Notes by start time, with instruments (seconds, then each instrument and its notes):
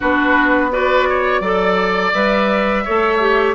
0.00 bassoon B3, clarinet D4, oboe F#4, flute B4
0.71 clarinet F#4, oboe B4, flute D5
1.09 oboe C#5
1.40 bassoon F#3, clarinet A4, oboe D5
2.13 bassoon G3, clarinet B4, flute E5
2.84 bassoon A3, clarinet A4, oboe C#5
3.19 clarinet G4